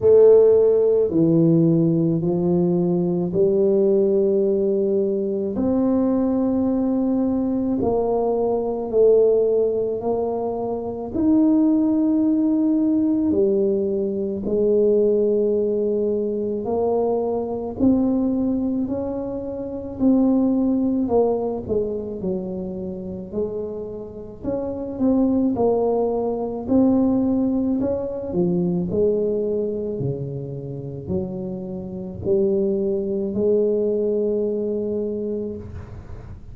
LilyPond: \new Staff \with { instrumentName = "tuba" } { \time 4/4 \tempo 4 = 54 a4 e4 f4 g4~ | g4 c'2 ais4 | a4 ais4 dis'2 | g4 gis2 ais4 |
c'4 cis'4 c'4 ais8 gis8 | fis4 gis4 cis'8 c'8 ais4 | c'4 cis'8 f8 gis4 cis4 | fis4 g4 gis2 | }